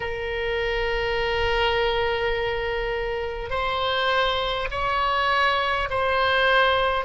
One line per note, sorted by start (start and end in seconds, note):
0.00 3.50 A#4
3.50 4.67 C5
4.71 5.88 C#5
5.89 7.04 C5